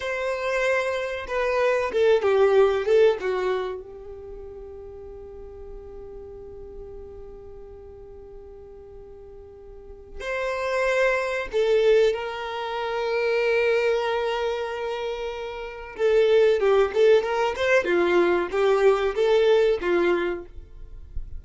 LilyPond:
\new Staff \with { instrumentName = "violin" } { \time 4/4 \tempo 4 = 94 c''2 b'4 a'8 g'8~ | g'8 a'8 fis'4 g'2~ | g'1~ | g'1 |
c''2 a'4 ais'4~ | ais'1~ | ais'4 a'4 g'8 a'8 ais'8 c''8 | f'4 g'4 a'4 f'4 | }